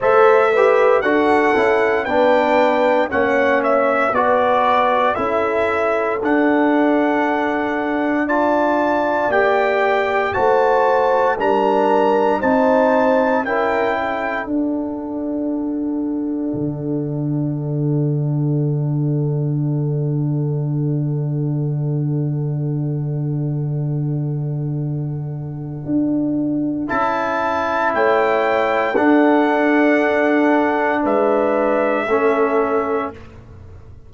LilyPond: <<
  \new Staff \with { instrumentName = "trumpet" } { \time 4/4 \tempo 4 = 58 e''4 fis''4 g''4 fis''8 e''8 | d''4 e''4 fis''2 | a''4 g''4 a''4 ais''4 | a''4 g''4 fis''2~ |
fis''1~ | fis''1~ | fis''2 a''4 g''4 | fis''2 e''2 | }
  \new Staff \with { instrumentName = "horn" } { \time 4/4 c''8 b'8 a'4 b'4 cis''4 | b'4 a'2. | d''2 c''4 ais'4 | c''4 ais'8 a'2~ a'8~ |
a'1~ | a'1~ | a'2. cis''4 | a'2 b'4 a'4 | }
  \new Staff \with { instrumentName = "trombone" } { \time 4/4 a'8 g'8 fis'8 e'8 d'4 cis'4 | fis'4 e'4 d'2 | f'4 g'4 fis'4 d'4 | dis'4 e'4 d'2~ |
d'1~ | d'1~ | d'2 e'2 | d'2. cis'4 | }
  \new Staff \with { instrumentName = "tuba" } { \time 4/4 a4 d'8 cis'8 b4 ais4 | b4 cis'4 d'2~ | d'4 ais4 a4 g4 | c'4 cis'4 d'2 |
d1~ | d1~ | d4 d'4 cis'4 a4 | d'2 gis4 a4 | }
>>